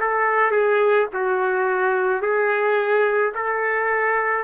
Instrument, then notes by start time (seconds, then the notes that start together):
trumpet
0.00 A4
0.51 G#4
1.13 F#4
2.22 G#4
3.35 A4